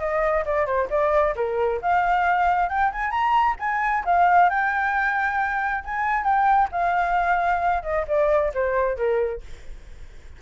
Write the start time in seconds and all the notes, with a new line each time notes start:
0.00 D#5
0.46 D5
0.67 C5
0.91 D5
1.36 A#4
1.82 F5
2.70 G5
2.92 G#5
3.11 A#5
3.60 G#5
4.05 F5
4.50 G5
5.85 G#5
6.24 G5
6.72 F5
7.83 D#5
8.08 D5
8.54 C5
8.97 A#4